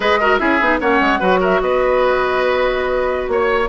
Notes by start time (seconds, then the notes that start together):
0.00 G#3 G#4 B4 D#5
0.20 F#4 A#4
0.38 C#4 E4 G#4 E5
0.60 B3 D#4
0.80 A#3 C#4 C#5 F#5
1.00 G#3
1.19 F#3 F#4 B4
1.40 A#4 E5
1.61 B3 B4 D#5
3.28 A#3 C#5